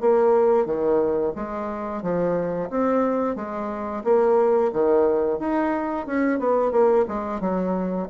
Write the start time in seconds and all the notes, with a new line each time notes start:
0.00 A#3
0.65 D#3
1.35 G#3
2.02 F3
2.70 C4
3.35 G#3
4.04 A#3
4.72 D#3
5.39 D#4
6.06 C#4
6.39 B3
6.71 A#3
7.08 G#3
7.40 F#3